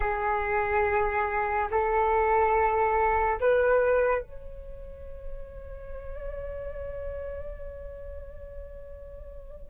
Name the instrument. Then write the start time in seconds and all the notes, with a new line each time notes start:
flute
0.00 G#4
1.70 A4
3.40 B4
4.21 C#5